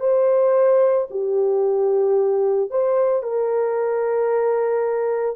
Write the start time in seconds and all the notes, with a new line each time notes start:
0.00 C5
1.10 G4
2.70 C5
3.23 A#4